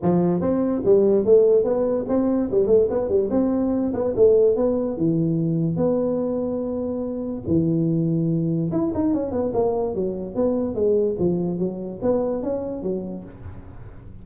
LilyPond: \new Staff \with { instrumentName = "tuba" } { \time 4/4 \tempo 4 = 145 f4 c'4 g4 a4 | b4 c'4 g8 a8 b8 g8 | c'4. b8 a4 b4 | e2 b2~ |
b2 e2~ | e4 e'8 dis'8 cis'8 b8 ais4 | fis4 b4 gis4 f4 | fis4 b4 cis'4 fis4 | }